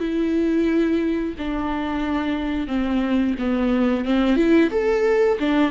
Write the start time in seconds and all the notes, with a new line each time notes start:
0.00 E4
1.39 D4
2.68 C4
3.39 B3
4.05 C4
4.37 E4
4.71 A4
5.40 D4